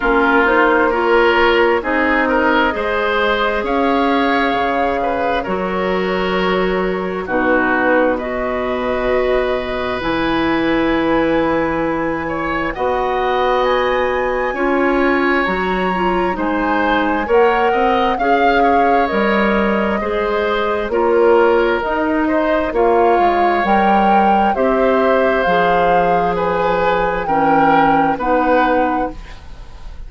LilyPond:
<<
  \new Staff \with { instrumentName = "flute" } { \time 4/4 \tempo 4 = 66 ais'8 c''8 cis''4 dis''2 | f''2 cis''2 | b'4 dis''2 gis''4~ | gis''2 fis''4 gis''4~ |
gis''4 ais''4 gis''4 fis''4 | f''4 dis''2 cis''4 | dis''4 f''4 g''4 e''4 | f''4 gis''4 g''4 fis''4 | }
  \new Staff \with { instrumentName = "oboe" } { \time 4/4 f'4 ais'4 gis'8 ais'8 c''4 | cis''4. b'8 ais'2 | fis'4 b'2.~ | b'4. cis''8 dis''2 |
cis''2 c''4 cis''8 dis''8 | f''8 cis''4. c''4 ais'4~ | ais'8 c''8 cis''2 c''4~ | c''4 b'4 ais'4 b'4 | }
  \new Staff \with { instrumentName = "clarinet" } { \time 4/4 cis'8 dis'8 f'4 dis'4 gis'4~ | gis'2 fis'2 | dis'4 fis'2 e'4~ | e'2 fis'2 |
f'4 fis'8 f'8 dis'4 ais'4 | gis'4 ais'4 gis'4 f'4 | dis'4 f'4 ais'4 g'4 | gis'2 cis'4 dis'4 | }
  \new Staff \with { instrumentName = "bassoon" } { \time 4/4 ais2 c'4 gis4 | cis'4 cis4 fis2 | b,2. e4~ | e2 b2 |
cis'4 fis4 gis4 ais8 c'8 | cis'4 g4 gis4 ais4 | dis'4 ais8 gis8 g4 c'4 | f2 e4 b4 | }
>>